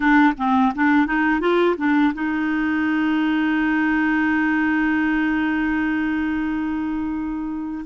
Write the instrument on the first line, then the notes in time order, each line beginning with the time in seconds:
clarinet
0.00 D4
0.37 C4
0.75 D4
1.06 D#4
1.40 F4
1.77 D4
2.14 D#4